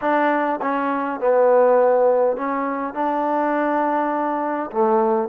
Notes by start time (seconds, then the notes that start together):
0.01 D4
0.61 C#4
1.20 B3
2.36 C#4
2.94 D4
4.71 A3